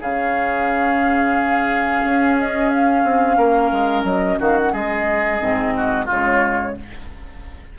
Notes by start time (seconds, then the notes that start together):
0.00 C#3 C#4 G#4 F5
2.04 C#4
2.39 D#5
2.69 F5
3.04 C4
3.37 A#3 A#4
3.72 G#3
4.04 F#3 D#5
4.39 D#3 F#4 F5
4.58 F#5
4.73 G#3 G#4 D#5
5.40 G#2 C4
5.77 F#4
6.05 C#3 G#3 F4 C#5